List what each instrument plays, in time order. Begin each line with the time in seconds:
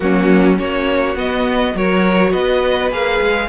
0.00 cello F#3, viola A#3, violin C#4 F#4
0.57 cello A#3, viola C#4, violin F#4 C#5
1.15 cello B3, viola B3, violin D#5
1.74 cello F#3, viola F#4, violin A#4 C#5
2.30 cello B3, violin B4 D#5
2.91 cello A#3, viola G#4, violin F5
3.20 cello G#3